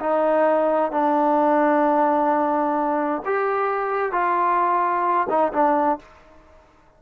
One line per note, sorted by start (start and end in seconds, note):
0.00 0.91 D#4
0.91 3.22 D4
3.25 4.12 G4
4.12 5.27 F4
5.29 5.52 D#4
5.53 5.99 D4